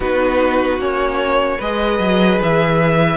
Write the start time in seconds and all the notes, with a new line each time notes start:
0.00 B3 D#4 F#4 B4
0.78 A#3 C#4 C#5
1.58 G#3 G#4 B4 D#5
1.99 F#3
2.42 E3 E5